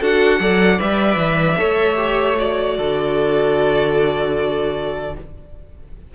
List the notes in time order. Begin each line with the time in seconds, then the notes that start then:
0.00 D4 F#4 A4 F#5
0.40 F#3 A4 D5
0.78 G3 B4 E5
1.16 E3
1.58 A3 A4 C#5
1.96 G4
2.37 F#4 D5
2.77 D3 A4